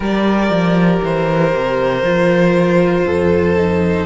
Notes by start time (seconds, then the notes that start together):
0.00 G3 G4 A#4 D5
0.49 F3
1.03 E3 C5
1.54 C3
2.03 F3 F4
3.06 F2 A4
3.56 D#4